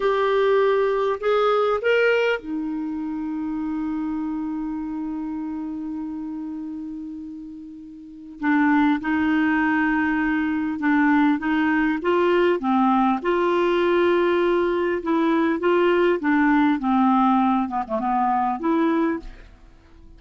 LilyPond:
\new Staff \with { instrumentName = "clarinet" } { \time 4/4 \tempo 4 = 100 g'2 gis'4 ais'4 | dis'1~ | dis'1~ | dis'2 d'4 dis'4~ |
dis'2 d'4 dis'4 | f'4 c'4 f'2~ | f'4 e'4 f'4 d'4 | c'4. b16 a16 b4 e'4 | }